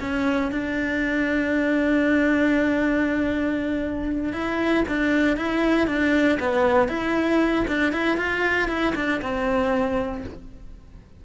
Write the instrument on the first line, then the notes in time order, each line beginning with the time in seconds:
cello
0.00 C#4
0.52 D4
4.33 E4
4.88 D4
5.37 E4
5.87 D4
6.40 B3
6.89 E4
7.68 D4
7.92 E4
8.17 F4
8.68 E4
8.95 D4
9.22 C4